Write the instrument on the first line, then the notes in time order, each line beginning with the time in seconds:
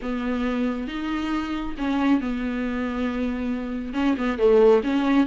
viola
0.02 B3
0.87 D#4
1.77 C#4
2.20 B3
3.93 C#4
4.17 B3
4.38 A3
4.83 C#4